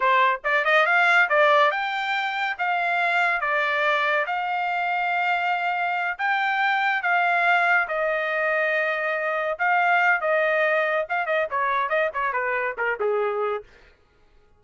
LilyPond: \new Staff \with { instrumentName = "trumpet" } { \time 4/4 \tempo 4 = 141 c''4 d''8 dis''8 f''4 d''4 | g''2 f''2 | d''2 f''2~ | f''2~ f''8 g''4.~ |
g''8 f''2 dis''4.~ | dis''2~ dis''8 f''4. | dis''2 f''8 dis''8 cis''4 | dis''8 cis''8 b'4 ais'8 gis'4. | }